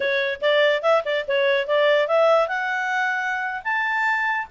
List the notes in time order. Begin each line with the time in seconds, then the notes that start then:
0.00 C#5
0.41 D5
0.82 E5
1.04 D5
1.27 C#5
1.67 D5
2.07 E5
2.48 F#5
3.64 A5